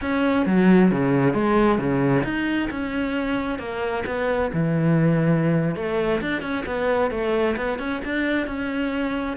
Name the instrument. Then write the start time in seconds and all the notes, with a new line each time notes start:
cello
0.01 C#4
0.46 F#3
0.91 C#3
1.33 G#3
1.78 C#3
2.24 D#4
2.70 C#4
3.58 A#3
4.06 B3
4.53 E3
5.75 A3
6.21 D4
6.42 C#4
6.66 B3
7.11 A3
7.57 B3
7.78 C#4
8.04 D4
8.46 C#4